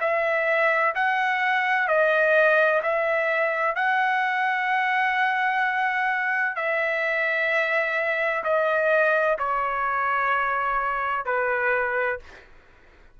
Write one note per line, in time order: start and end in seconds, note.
0.00 0.94 E5
0.95 1.87 F#5
1.87 2.81 D#5
2.83 3.75 E5
3.75 6.56 F#5
6.56 8.43 E5
8.43 9.37 D#5
9.38 11.25 C#5
11.25 12.19 B4